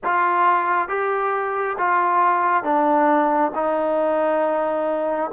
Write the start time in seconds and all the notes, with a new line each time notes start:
0.04 F4
0.88 G4
1.78 F4
2.63 D4
3.55 D#4